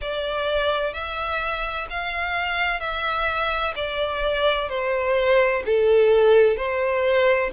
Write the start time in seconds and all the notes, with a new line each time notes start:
0.01 D5
0.93 E5
1.90 F5
2.80 E5
3.75 D5
4.69 C5
5.65 A4
6.56 C5